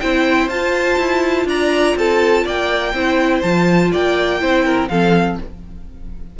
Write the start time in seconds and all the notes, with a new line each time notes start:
0.00 C4 E4 C5 G5
0.49 F4 A5
0.98 E4
1.46 D4 D5 A#5
1.97 C4 A4 A5
2.45 A#3 D5 G5
2.94 C4 E4 C5
3.42 F3 F4 A5
3.92 A#3 D5 G5
4.40 C4 E4 C5
4.65 A#4
4.89 F3 C4 A4 F5